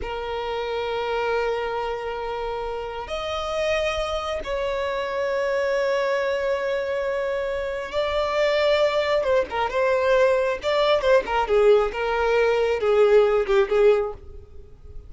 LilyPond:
\new Staff \with { instrumentName = "violin" } { \time 4/4 \tempo 4 = 136 ais'1~ | ais'2. dis''4~ | dis''2 cis''2~ | cis''1~ |
cis''2 d''2~ | d''4 c''8 ais'8 c''2 | d''4 c''8 ais'8 gis'4 ais'4~ | ais'4 gis'4. g'8 gis'4 | }